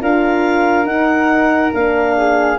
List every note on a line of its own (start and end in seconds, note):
0.00 0.86 D4
0.00 0.84 F4
0.00 2.16 A#4
0.00 0.86 F5
0.84 1.70 D#4
0.84 1.71 D#4
0.84 1.72 F#5
1.73 2.59 A#3
1.73 2.59 D4
1.73 2.59 F5
2.17 2.59 G#4